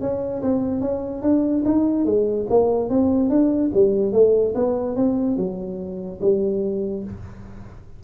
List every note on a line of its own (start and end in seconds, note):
0.00 0.41 C#4
0.42 0.81 C4
0.81 1.22 C#4
1.22 1.63 D4
1.65 2.05 D#4
2.05 2.46 G#3
2.49 2.89 A#3
2.89 3.29 C4
3.29 3.70 D4
3.74 4.12 G3
4.12 4.53 A3
4.55 4.96 B3
4.96 5.36 C4
5.36 6.19 F#3
6.21 7.03 G3